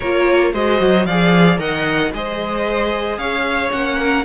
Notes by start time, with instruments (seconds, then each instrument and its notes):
0.00 cello A#3, viola F4, violin A#4 C#5
0.53 cello G#3, viola F#4, violin C5 D#5
0.80 cello F#3
1.05 cello F3, viola G#4, violin D5 F5
1.58 cello D#3, viola A#4, violin D#5 F#5
2.13 cello G#3, viola G#4, violin C5 D#5
3.17 cello C#4, violin C#5 F5
3.70 cello A#3, viola C#4, violin F#5
3.98 violin A#4